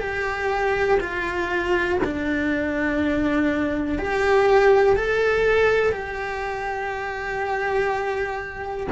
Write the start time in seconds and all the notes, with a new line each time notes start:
0.00 G4
1.00 F4
2.04 D4
3.98 G4
4.96 A4
5.92 G4